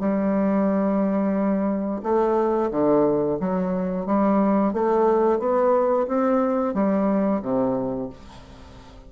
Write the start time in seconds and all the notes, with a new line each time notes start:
0.00 G3
2.03 A3
2.72 D3
3.40 F#3
4.06 G3
4.73 A3
5.40 B3
6.08 C4
6.74 G3
7.43 C3